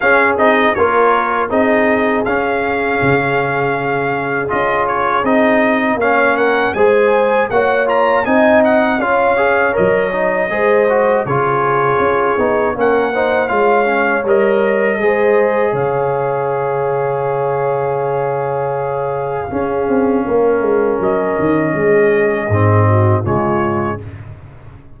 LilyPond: <<
  \new Staff \with { instrumentName = "trumpet" } { \time 4/4 \tempo 4 = 80 f''8 dis''8 cis''4 dis''4 f''4~ | f''2 dis''8 cis''8 dis''4 | f''8 fis''8 gis''4 fis''8 ais''8 gis''8 fis''8 | f''4 dis''2 cis''4~ |
cis''4 fis''4 f''4 dis''4~ | dis''4 f''2.~ | f''1 | dis''2. cis''4 | }
  \new Staff \with { instrumentName = "horn" } { \time 4/4 gis'4 ais'4 gis'2~ | gis'1 | cis''8 ais'8 c''4 cis''4 dis''4 | cis''2 c''4 gis'4~ |
gis'4 ais'8 c''8 cis''2 | c''4 cis''2.~ | cis''2 gis'4 ais'4~ | ais'4 gis'4. fis'8 f'4 | }
  \new Staff \with { instrumentName = "trombone" } { \time 4/4 cis'8 dis'8 f'4 dis'4 cis'4~ | cis'2 f'4 dis'4 | cis'4 gis'4 fis'8 f'8 dis'4 | f'8 gis'8 ais'8 dis'8 gis'8 fis'8 f'4~ |
f'8 dis'8 cis'8 dis'8 f'8 cis'8 ais'4 | gis'1~ | gis'2 cis'2~ | cis'2 c'4 gis4 | }
  \new Staff \with { instrumentName = "tuba" } { \time 4/4 cis'8 c'8 ais4 c'4 cis'4 | cis2 cis'4 c'4 | ais4 gis4 ais4 c'4 | cis'4 fis4 gis4 cis4 |
cis'8 b8 ais4 gis4 g4 | gis4 cis2.~ | cis2 cis'8 c'8 ais8 gis8 | fis8 dis8 gis4 gis,4 cis4 | }
>>